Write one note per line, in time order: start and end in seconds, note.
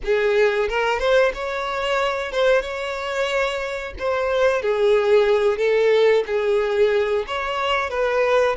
0.04 0.68 G#4
0.68 0.99 A#4
0.99 1.32 C5
1.34 2.32 C#5
2.32 2.61 C5
2.61 3.93 C#5
3.99 4.62 C5
4.62 5.57 G#4
5.57 6.23 A4
6.26 7.25 G#4
7.27 7.90 C#5
7.90 8.56 B4